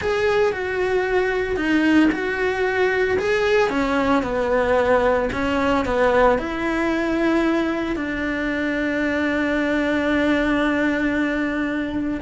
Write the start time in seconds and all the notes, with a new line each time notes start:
0.01 G#4
0.52 F#4
1.56 D#4
2.11 F#4
3.19 G#4
3.69 C#4
4.22 B3
5.32 C#4
5.85 B3
6.38 E4
7.96 D4